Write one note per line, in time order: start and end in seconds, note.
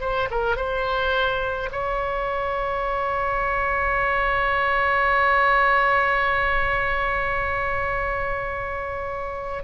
0.00 0.28 C5
0.30 0.56 A#4
0.56 1.69 C5
1.71 9.63 C#5